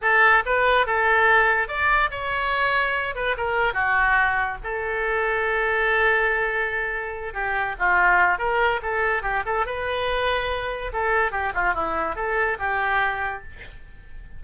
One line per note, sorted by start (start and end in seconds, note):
0.01 0.43 A4
0.45 0.86 B4
0.86 1.68 A4
1.68 2.10 D5
2.11 3.15 C#5
3.15 3.36 B4
3.37 3.73 A#4
3.73 4.57 F#4
4.63 7.33 A4
7.33 7.75 G4
7.78 8.38 F4
8.38 8.80 A#4
8.82 9.22 A4
9.22 9.43 G4
9.45 9.66 A4
9.66 10.91 B4
10.92 11.31 A4
11.31 11.52 G4
11.54 11.74 F4
11.74 12.15 E4
12.15 12.57 A4
12.59 13.42 G4